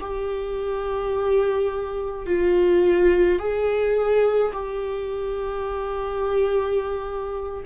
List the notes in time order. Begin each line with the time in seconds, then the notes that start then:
0.00 G4
2.26 F4
3.39 G#4
4.52 G4